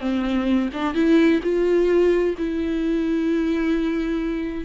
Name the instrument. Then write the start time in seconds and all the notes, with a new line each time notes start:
viola
0.00 C4
0.73 D4
0.94 E4
1.43 F4
2.37 E4